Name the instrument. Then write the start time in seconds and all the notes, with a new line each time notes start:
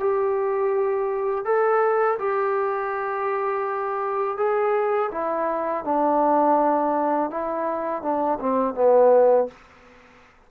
trombone
0.00 G4
1.45 A4
2.19 G4
4.38 G#4
5.12 E4
5.85 D4
7.31 E4
8.03 D4
8.40 C4
8.75 B3